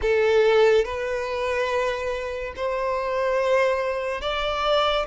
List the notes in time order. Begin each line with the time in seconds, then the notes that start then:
0.01 A4
0.85 B4
2.55 C5
4.21 D5